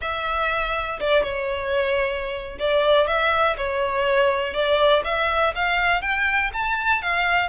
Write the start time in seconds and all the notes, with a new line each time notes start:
0.01 E5
1.00 D5
1.23 C#5
2.58 D5
3.07 E5
3.57 C#5
4.53 D5
5.04 E5
5.55 F5
6.01 G5
6.53 A5
7.02 F5